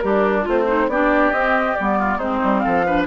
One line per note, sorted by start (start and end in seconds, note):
0.00 0.47 G3
0.00 0.48 D4
0.00 0.42 G4
0.00 0.43 A#4
0.42 0.88 A3
0.42 0.64 F4
0.48 0.91 C4
0.48 0.89 C5
0.67 0.89 D#4
0.88 1.31 B3
0.88 1.34 D4
0.88 1.99 G4
0.88 1.32 D5
1.32 1.76 C4
1.32 1.78 C4
1.32 1.76 D#5
1.76 2.18 G3
1.76 2.20 B3
1.76 2.19 D5
1.99 2.18 F4
2.18 2.40 G#3
2.18 2.86 C4
2.18 2.61 D#4
2.18 2.60 C5
2.44 2.66 G3
2.60 2.86 A4
2.60 3.03 F5
2.66 3.07 F3
2.86 3.07 D4
2.86 3.07 B4